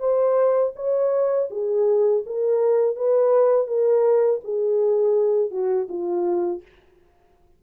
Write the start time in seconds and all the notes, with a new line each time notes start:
0.00 C5
0.76 C#5
1.51 G#4
2.26 A#4
2.96 B4
3.68 A#4
4.44 G#4
5.51 F#4
5.89 F4